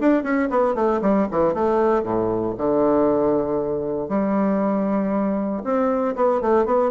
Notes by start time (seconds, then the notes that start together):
0.00 D4
0.24 C#4
0.50 B3
0.75 A3
1.02 G3
1.31 E3
1.54 A3
2.03 A2
2.58 D3
4.09 G3
5.64 C4
6.16 B3
6.41 A3
6.66 B3